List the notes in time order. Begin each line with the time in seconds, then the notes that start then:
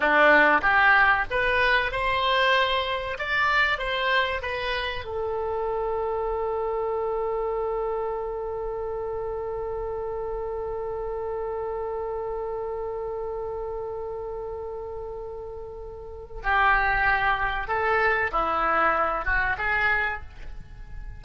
0.00 D4
0.61 G4
1.30 B4
1.91 C5
3.18 D5
3.78 C5
4.42 B4
5.04 A4
16.43 G4
17.67 A4
18.31 E4
19.25 F#4
19.58 G#4